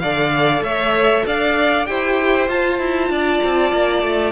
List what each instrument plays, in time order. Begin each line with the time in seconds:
0.00 cello D3, viola A4, violin D5 F5
0.62 cello A3, violin C#5 E5
1.26 cello D4, violin D5 F5
1.86 cello E4, viola G4, violin C5 G5
2.48 cello F4, viola F4, violin A5
2.79 cello E4
3.10 cello D4, violin D5
3.44 cello C4
3.72 cello A#3
4.03 cello A3